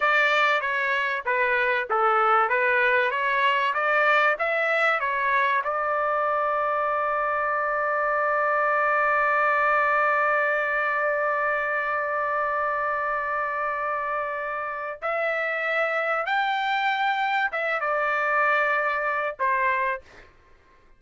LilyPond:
\new Staff \with { instrumentName = "trumpet" } { \time 4/4 \tempo 4 = 96 d''4 cis''4 b'4 a'4 | b'4 cis''4 d''4 e''4 | cis''4 d''2.~ | d''1~ |
d''1~ | d''1 | e''2 g''2 | e''8 d''2~ d''8 c''4 | }